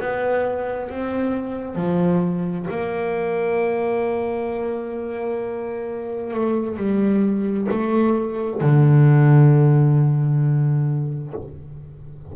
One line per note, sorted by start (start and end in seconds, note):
0.00 0.90 B3
0.90 1.75 C4
1.75 2.66 F3
2.70 6.33 A#3
6.33 6.76 A3
6.76 7.67 G3
7.71 8.61 A3
8.61 11.33 D3